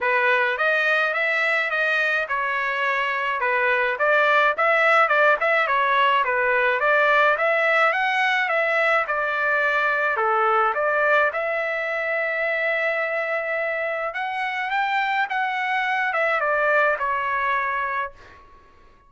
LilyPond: \new Staff \with { instrumentName = "trumpet" } { \time 4/4 \tempo 4 = 106 b'4 dis''4 e''4 dis''4 | cis''2 b'4 d''4 | e''4 d''8 e''8 cis''4 b'4 | d''4 e''4 fis''4 e''4 |
d''2 a'4 d''4 | e''1~ | e''4 fis''4 g''4 fis''4~ | fis''8 e''8 d''4 cis''2 | }